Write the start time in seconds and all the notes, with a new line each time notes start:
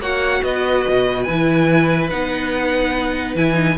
0.00 A#3 F#4 C#5 F#5
0.42 B3 B4 D#5
0.89 B2
1.24 E3 E4 G#5
2.10 B3 D#4 F#5
3.35 E3 E4 G#5
3.54 D#4